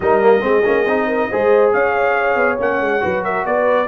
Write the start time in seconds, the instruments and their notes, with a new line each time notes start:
0.00 tuba G3, trombone D#4, horn A#4, trumpet D#5
0.21 trombone A#3
0.40 tuba G#3, trombone C4, horn G#4
0.64 tuba A#3, trombone C#4
0.86 tuba C4, trombone D#4
1.07 horn A#4
1.31 tuba G#3, trombone G#4, horn C5
1.72 tuba C#4, horn C#5, trumpet F5
2.35 tuba B3
2.58 tuba A#3, trombone C#4, trumpet F#5
2.80 tuba G#3
3.00 tuba F#3, trombone F#4, horn B4
3.23 horn A#4, trumpet E5
3.45 tuba B3, horn B4, trumpet D5